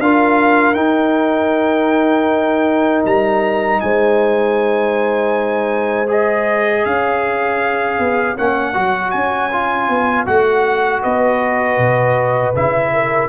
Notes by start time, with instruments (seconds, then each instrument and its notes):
0.00 tuba D4, trombone F4, horn A#4, trumpet F5
0.74 tuba D#4, trombone D#4, trumpet G5
3.06 tuba G3, trumpet A#5
3.81 tuba G#3, horn C5, trumpet G#5
6.08 trombone G#4, trumpet D#5
6.85 tuba C#4, horn C#5, trumpet F5
7.99 tuba B3
8.37 tuba A#3, trombone C#4, trumpet F#5
8.74 tuba F#3, trombone F#4
9.11 tuba C#4, trumpet G#5
9.52 trombone F4
9.89 tuba B3
10.26 tuba A3, trombone F#4, trumpet F#5
11.02 tuba B3, horn B4, trumpet D#5
11.78 tuba B2
12.56 tuba C#3, trombone E4, trumpet E5
12.94 horn A#4